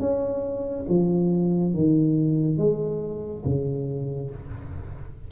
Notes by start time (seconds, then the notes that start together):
0.00 C#4
0.89 F3
1.74 D#3
2.58 G#3
3.45 C#3